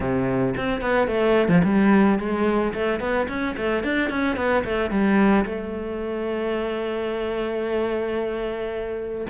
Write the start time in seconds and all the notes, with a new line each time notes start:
0.00 C3
0.57 C4
0.81 B3
1.07 A3
1.48 F3
1.64 G3
2.18 G#3
2.73 A3
3.00 B3
3.28 C#4
3.56 A3
3.83 D4
4.10 C#4
4.36 B3
4.64 A3
4.90 G3
5.45 A3